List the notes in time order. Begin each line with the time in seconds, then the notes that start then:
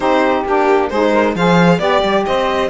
0.00 C4 D#4 G4 C5
0.45 A#3 D4 G4
0.89 G#3 D#4 G#4 C5
1.12 A#4
1.35 F3 G#4 C5 F5
1.78 B3 G4 D5
2.02 G3
2.25 C4 C5 D#5